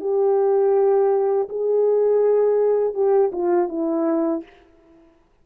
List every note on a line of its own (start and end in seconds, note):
0.00 1.48 G4
1.48 2.94 G#4
2.94 3.31 G4
3.32 3.68 F4
3.68 4.42 E4